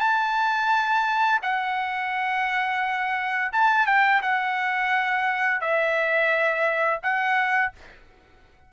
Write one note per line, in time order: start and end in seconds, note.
0.00 1.40 A5
1.42 3.52 F#5
3.52 3.87 A5
3.87 4.21 G5
4.22 5.61 F#5
5.61 7.00 E5
7.03 7.73 F#5